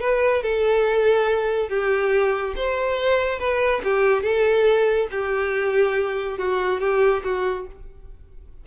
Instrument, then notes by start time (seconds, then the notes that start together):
violin
0.00 B4
0.43 A4
1.69 G4
2.56 C5
3.39 B4
3.84 G4
4.23 A4
5.11 G4
6.38 F#4
6.80 G4
7.24 F#4